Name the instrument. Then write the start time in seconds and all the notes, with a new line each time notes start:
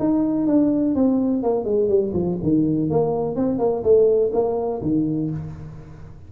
tuba
0.00 D#4
0.47 D4
0.95 C4
1.43 A#3
1.65 G#3
1.89 G3
2.14 F3
2.43 D#3
2.91 A#3
3.36 C4
3.59 A#3
3.84 A3
4.34 A#3
4.82 D#3